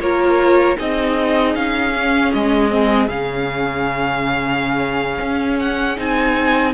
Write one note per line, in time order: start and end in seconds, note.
0.00 0.77 A#3
0.00 0.77 F4
0.00 0.78 A#4
0.00 0.78 C#5
0.77 1.56 C4
0.77 1.92 D#4
0.77 6.74 G#4
0.77 1.56 D#5
1.56 2.33 C#4
1.56 2.33 F5
1.96 2.70 C#4
2.33 3.08 G#3
2.33 3.09 D#5
2.70 3.09 C4
3.08 5.20 C#3
3.08 5.97 C#4
3.08 5.59 F5
5.21 5.98 C#4
5.60 5.98 F#5
5.97 6.74 C4
5.97 6.74 D#4
5.97 6.74 G#5